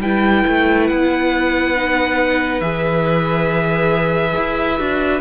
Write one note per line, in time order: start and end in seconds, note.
0.00 0.43 G3
0.00 1.76 E4
0.00 5.21 B4
0.00 0.87 G5
0.47 0.90 A3
0.87 2.61 B3
0.87 2.61 F#5
1.76 2.62 D#4
2.61 4.35 E3
2.61 4.78 G#4
2.61 5.21 E5
4.36 4.79 E4
4.78 5.21 D4
4.78 5.21 F#4